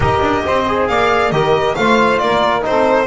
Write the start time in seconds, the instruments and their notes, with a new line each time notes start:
0.00 double bass D#4, trombone G4, saxophone A#4, violin D#5
0.20 double bass D4
0.45 double bass C4, saxophone C5
0.67 trombone G#4
0.87 double bass A#3, saxophone D5, violin F5
1.31 double bass D#3, trombone G4, saxophone A#4, violin D#5
1.75 double bass A3, trombone F4, saxophone C5, violin F5
2.18 double bass A#3, saxophone A#4, violin D5
2.61 double bass C4, trombone D#4, violin C5
2.68 saxophone A4